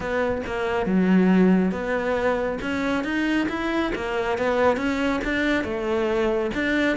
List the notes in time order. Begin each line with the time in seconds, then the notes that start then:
0.00 B3
0.46 A#3
0.86 F#3
1.71 B3
2.61 C#4
3.04 D#4
3.49 E4
3.95 A#3
4.38 B3
4.76 C#4
5.24 D4
5.63 A3
6.54 D4